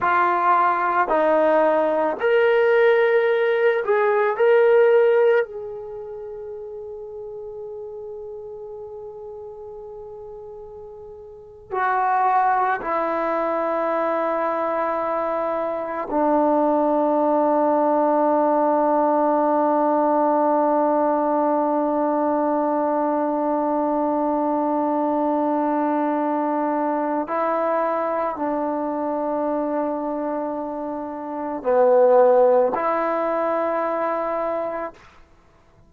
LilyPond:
\new Staff \with { instrumentName = "trombone" } { \time 4/4 \tempo 4 = 55 f'4 dis'4 ais'4. gis'8 | ais'4 gis'2.~ | gis'2~ gis'8. fis'4 e'16~ | e'2~ e'8. d'4~ d'16~ |
d'1~ | d'1~ | d'4 e'4 d'2~ | d'4 b4 e'2 | }